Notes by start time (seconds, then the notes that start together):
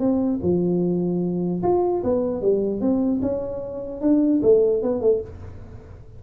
0.00 C4
0.43 F3
1.63 F4
2.04 B3
2.42 G3
2.81 C4
3.23 C#4
4.02 D4
4.43 A3
4.83 B3
5.01 A3